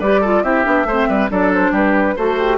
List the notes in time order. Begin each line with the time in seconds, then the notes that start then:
0.00 G3 G4 B4 D5
0.21 F4 A4
0.44 C4 E4 G4 E5
0.64 B3 D4
0.85 A3 C5
0.92 C4
1.09 G3 B4
1.30 F#3 D4 A4 D5
1.54 C5
1.72 G3 G4 B4
2.17 A3 F#4 A4 C5
2.39 G4